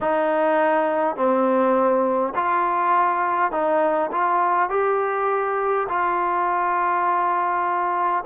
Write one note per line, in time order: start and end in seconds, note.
0.00 1.16 D#4
1.16 2.33 C4
2.35 3.51 F4
3.51 4.10 D#4
4.11 4.69 F4
4.69 5.87 G4
5.88 8.24 F4